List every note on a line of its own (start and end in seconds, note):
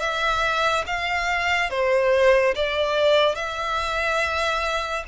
0.00 0.85 E5
0.87 1.70 F5
1.70 2.55 C5
2.55 3.35 D5
3.35 5.04 E5